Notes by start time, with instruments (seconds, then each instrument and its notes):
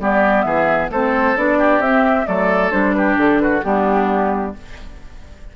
0.00 bassoon G3, clarinet B3, oboe G4, flute D5
0.42 bassoon E3, oboe G#4, flute E5
0.90 bassoon A3, clarinet C4, oboe A4, flute C5
1.37 bassoon B3, clarinet D4, flute D5
1.59 oboe G4
1.80 bassoon C4, clarinet C4, flute E5
2.26 bassoon F#3, clarinet A3, oboe A4, flute D5
2.71 bassoon G3, clarinet D4, flute C5
2.93 oboe G4, flute B4
3.17 bassoon D3, flute A4
3.40 oboe F#4, flute B4
3.63 bassoon G3, clarinet B3, oboe D4, flute G4